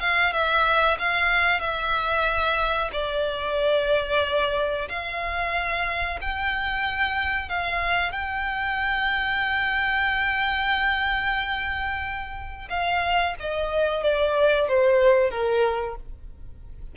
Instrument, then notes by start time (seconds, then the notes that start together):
violin
0.00 F5
0.33 E5
0.99 F5
1.60 E5
2.93 D5
4.89 F5
6.21 G5
7.49 F5
8.12 G5
12.70 F5
13.40 D#5
14.03 D5
14.69 C5
15.31 A#4